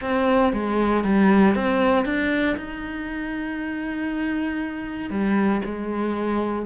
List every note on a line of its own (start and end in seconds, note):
0.01 0.52 C4
0.52 1.03 G#3
1.03 1.55 G3
1.55 2.05 C4
2.05 2.56 D4
2.56 5.10 D#4
5.10 5.61 G3
5.64 6.65 G#3